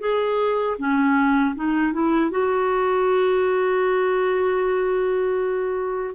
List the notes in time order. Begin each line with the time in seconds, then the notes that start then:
0.00 G#4
0.78 C#4
1.55 D#4
1.93 E4
2.30 F#4